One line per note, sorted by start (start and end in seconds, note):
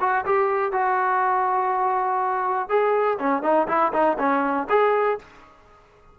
0.00 0.25 F#4
0.25 0.72 G4
0.72 2.68 F#4
2.68 3.18 G#4
3.19 3.42 C#4
3.42 3.67 D#4
3.67 3.92 E4
3.93 4.17 D#4
4.18 4.67 C#4
4.69 5.18 G#4